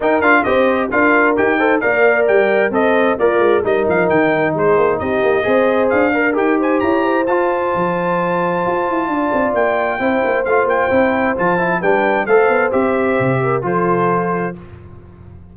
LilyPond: <<
  \new Staff \with { instrumentName = "trumpet" } { \time 4/4 \tempo 4 = 132 g''8 f''8 dis''4 f''4 g''4 | f''4 g''4 dis''4 d''4 | dis''8 f''8 g''4 c''4 dis''4~ | dis''4 f''4 g''8 gis''8 ais''4 |
a''1~ | a''4 g''2 f''8 g''8~ | g''4 a''4 g''4 f''4 | e''2 c''2 | }
  \new Staff \with { instrumentName = "horn" } { \time 4/4 ais'4 c''4 ais'4. c''8 | d''2 c''4 f'4 | ais'2 gis'4 g'4 | c''4. ais'4 c''8 cis''8 c''8~ |
c''1 | d''2 c''2~ | c''2 b'4 c''4~ | c''4. ais'8 a'2 | }
  \new Staff \with { instrumentName = "trombone" } { \time 4/4 dis'8 f'8 g'4 f'4 g'8 a'8 | ais'2 a'4 ais'4 | dis'1 | gis'4. ais'8 g'2 |
f'1~ | f'2 e'4 f'4 | e'4 f'8 e'8 d'4 a'4 | g'2 f'2 | }
  \new Staff \with { instrumentName = "tuba" } { \time 4/4 dis'8 d'8 c'4 d'4 dis'4 | ais4 g4 c'4 ais8 gis8 | g8 f8 dis4 gis8 ais8 c'8 ais8 | c'4 d'4 dis'4 e'4 |
f'4 f2 f'8 e'8 | d'8 c'8 ais4 c'8 ais8 a8 ais8 | c'4 f4 g4 a8 b8 | c'4 c4 f2 | }
>>